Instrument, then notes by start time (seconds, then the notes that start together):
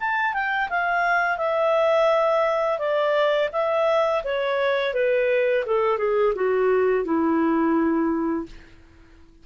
clarinet
0.00 A5
0.33 G5
0.70 F5
1.37 E5
2.79 D5
3.52 E5
4.24 C#5
4.94 B4
5.66 A4
5.98 G#4
6.35 F#4
7.05 E4